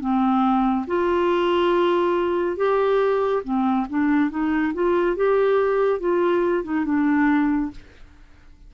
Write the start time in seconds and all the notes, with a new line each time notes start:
0.00 C4
0.87 F4
2.57 G4
3.44 C4
3.90 D4
4.30 D#4
4.74 F4
5.16 G4
6.00 F4
6.64 D#4
6.85 D4